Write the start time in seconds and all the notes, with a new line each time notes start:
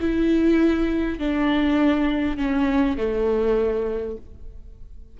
0.00 E4
1.19 D4
2.37 C#4
2.97 A3